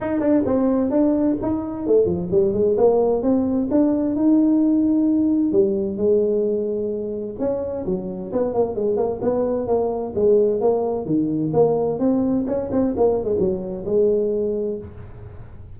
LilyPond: \new Staff \with { instrumentName = "tuba" } { \time 4/4 \tempo 4 = 130 dis'8 d'8 c'4 d'4 dis'4 | a8 f8 g8 gis8 ais4 c'4 | d'4 dis'2. | g4 gis2. |
cis'4 fis4 b8 ais8 gis8 ais8 | b4 ais4 gis4 ais4 | dis4 ais4 c'4 cis'8 c'8 | ais8. gis16 fis4 gis2 | }